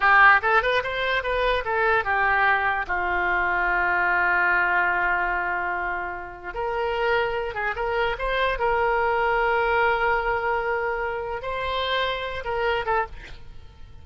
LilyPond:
\new Staff \with { instrumentName = "oboe" } { \time 4/4 \tempo 4 = 147 g'4 a'8 b'8 c''4 b'4 | a'4 g'2 f'4~ | f'1~ | f'1 |
ais'2~ ais'8 gis'8 ais'4 | c''4 ais'2.~ | ais'1 | c''2~ c''8 ais'4 a'8 | }